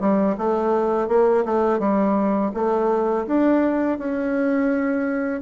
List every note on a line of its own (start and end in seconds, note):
0.00 0.36 G3
0.37 1.08 A3
1.08 1.44 A#3
1.45 1.79 A3
1.79 2.51 G3
2.54 3.26 A3
3.27 3.98 D4
3.98 5.41 C#4